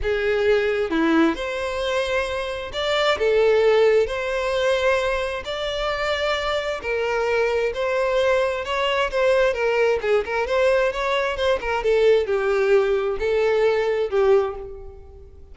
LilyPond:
\new Staff \with { instrumentName = "violin" } { \time 4/4 \tempo 4 = 132 gis'2 e'4 c''4~ | c''2 d''4 a'4~ | a'4 c''2. | d''2. ais'4~ |
ais'4 c''2 cis''4 | c''4 ais'4 gis'8 ais'8 c''4 | cis''4 c''8 ais'8 a'4 g'4~ | g'4 a'2 g'4 | }